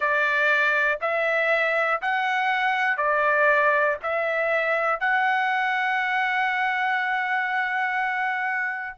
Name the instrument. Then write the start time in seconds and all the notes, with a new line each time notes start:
trumpet
0.00 D5
1.01 E5
2.01 F#5
2.97 D5
4.02 E5
5.00 F#5